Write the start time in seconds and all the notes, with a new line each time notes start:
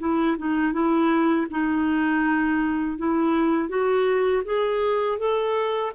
0.00 E4
0.38 D#4
0.73 E4
1.51 D#4
2.98 E4
3.69 F#4
4.45 G#4
5.19 A4